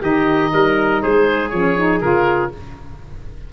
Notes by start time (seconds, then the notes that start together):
0.00 D#3 D#4 G4 D#5
0.53 G3 A#4
1.02 G#3 G#4 C5
1.49 F3 C#4 C#5
1.78 D#4
2.00 C#3 F4 A#4